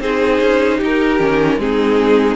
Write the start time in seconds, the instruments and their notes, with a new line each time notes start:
0.00 cello C4, viola D#4, violin G#4 C5
0.41 cello C#4
0.77 cello D#4, violin G4
0.84 violin A#4
1.19 cello D#3, viola C#4
1.57 cello G#3, viola C4, violin D#4 G#4